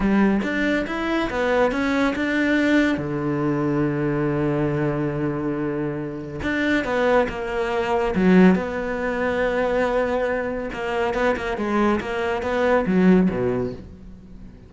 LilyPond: \new Staff \with { instrumentName = "cello" } { \time 4/4 \tempo 4 = 140 g4 d'4 e'4 b4 | cis'4 d'2 d4~ | d1~ | d2. d'4 |
b4 ais2 fis4 | b1~ | b4 ais4 b8 ais8 gis4 | ais4 b4 fis4 b,4 | }